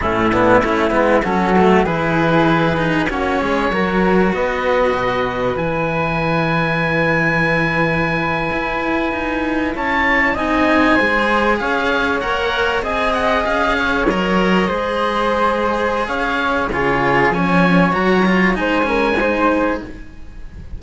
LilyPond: <<
  \new Staff \with { instrumentName = "oboe" } { \time 4/4 \tempo 4 = 97 e'2 a'4 b'4~ | b'4 cis''2 dis''4~ | dis''4 gis''2.~ | gis''2.~ gis''8. a''16~ |
a''8. gis''2 f''4 fis''16~ | fis''8. gis''8 fis''8 f''4 dis''4~ dis''16~ | dis''2 f''4 cis''4 | gis''4 ais''4 gis''2 | }
  \new Staff \with { instrumentName = "flute" } { \time 4/4 cis'8 d'8 e'4 fis'4 gis'4~ | gis'4 fis'8 gis'8 ais'4 b'4~ | b'1~ | b'2.~ b'8. cis''16~ |
cis''8. dis''4 c''4 cis''4~ cis''16~ | cis''8. dis''4. cis''4. c''16~ | c''2 cis''4 gis'4 | cis''2 c''8 ais'8 c''4 | }
  \new Staff \with { instrumentName = "cello" } { \time 4/4 a8 b8 cis'8 b8 cis'8 a8 e'4~ | e'8 dis'8 cis'4 fis'2~ | fis'4 e'2.~ | e'1~ |
e'8. dis'4 gis'2 ais'16~ | ais'8. gis'2 ais'4 gis'16~ | gis'2. f'4 | cis'4 fis'8 f'8 dis'8 cis'8 dis'4 | }
  \new Staff \with { instrumentName = "cello" } { \time 4/4 a,4 a8 gis8 fis4 e4~ | e4 ais8 gis8 fis4 b4 | b,4 e2.~ | e4.~ e16 e'4 dis'4 cis'16~ |
cis'8. c'4 gis4 cis'4 ais16~ | ais8. c'4 cis'4 fis4 gis16~ | gis2 cis'4 cis4 | f4 fis4 gis2 | }
>>